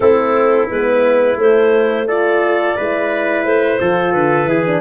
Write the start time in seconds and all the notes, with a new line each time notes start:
0.00 A3 C4 E4 A4
0.69 G#3 B3 B4
1.36 A3 C5
2.07 F4 A4 D5
2.76 G#3 E4 B4
3.44 A3 C5
3.79 F3 F4 A4
4.12 D3 B4
4.45 E3 E4 G#4
4.66 D4